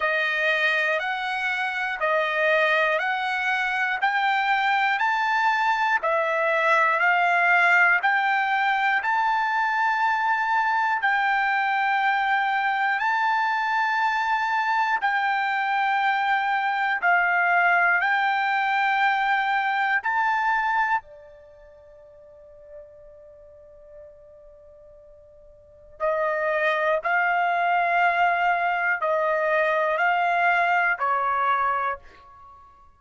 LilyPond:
\new Staff \with { instrumentName = "trumpet" } { \time 4/4 \tempo 4 = 60 dis''4 fis''4 dis''4 fis''4 | g''4 a''4 e''4 f''4 | g''4 a''2 g''4~ | g''4 a''2 g''4~ |
g''4 f''4 g''2 | a''4 d''2.~ | d''2 dis''4 f''4~ | f''4 dis''4 f''4 cis''4 | }